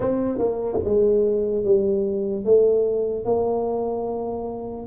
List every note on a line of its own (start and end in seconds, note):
0.00 0.38 C4
0.38 0.79 A#3
0.84 1.64 G#3
1.64 2.44 G3
2.44 3.24 A3
3.24 4.86 A#3